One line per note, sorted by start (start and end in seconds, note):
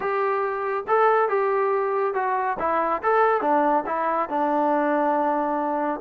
0.00 0.84 G4
0.87 1.28 A4
1.28 2.14 G4
2.14 2.57 F#4
2.59 3.02 E4
3.02 3.41 A4
3.41 3.84 D4
3.86 4.29 E4
4.29 6.00 D4